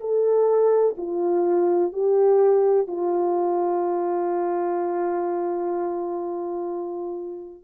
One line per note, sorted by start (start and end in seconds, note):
0.00 0.95 A4
0.97 1.92 F4
1.92 2.87 G4
2.87 7.63 F4